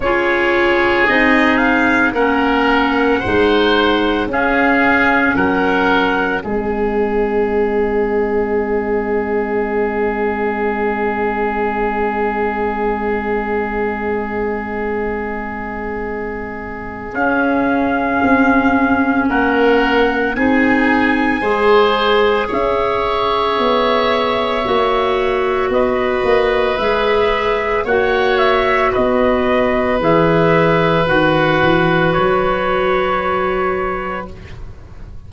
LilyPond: <<
  \new Staff \with { instrumentName = "trumpet" } { \time 4/4 \tempo 4 = 56 cis''4 dis''8 f''8 fis''2 | f''4 fis''4 dis''2~ | dis''1~ | dis''1 |
f''2 fis''4 gis''4~ | gis''4 e''2. | dis''4 e''4 fis''8 e''8 dis''4 | e''4 fis''4 cis''2 | }
  \new Staff \with { instrumentName = "oboe" } { \time 4/4 gis'2 ais'4 c''4 | gis'4 ais'4 gis'2~ | gis'1~ | gis'1~ |
gis'2 ais'4 gis'4 | c''4 cis''2. | b'2 cis''4 b'4~ | b'1 | }
  \new Staff \with { instrumentName = "clarinet" } { \time 4/4 f'4 dis'4 cis'4 dis'4 | cis'2 c'2~ | c'1~ | c'1 |
cis'2. dis'4 | gis'2. fis'4~ | fis'4 gis'4 fis'2 | gis'4 fis'2. | }
  \new Staff \with { instrumentName = "tuba" } { \time 4/4 cis'4 c'4 ais4 gis4 | cis'4 fis4 gis2~ | gis1~ | gis1 |
cis'4 c'4 ais4 c'4 | gis4 cis'4 b4 ais4 | b8 ais8 gis4 ais4 b4 | e4 dis8 e8 fis2 | }
>>